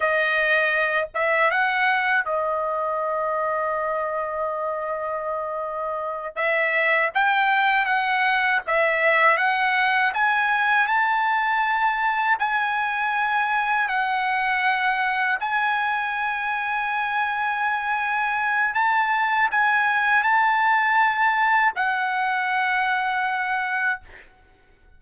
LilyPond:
\new Staff \with { instrumentName = "trumpet" } { \time 4/4 \tempo 4 = 80 dis''4. e''8 fis''4 dis''4~ | dis''1~ | dis''8 e''4 g''4 fis''4 e''8~ | e''8 fis''4 gis''4 a''4.~ |
a''8 gis''2 fis''4.~ | fis''8 gis''2.~ gis''8~ | gis''4 a''4 gis''4 a''4~ | a''4 fis''2. | }